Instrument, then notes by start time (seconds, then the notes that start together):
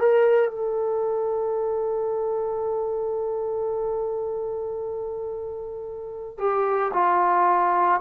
trombone
0.00 A#4
0.51 A4
6.39 G4
6.94 F4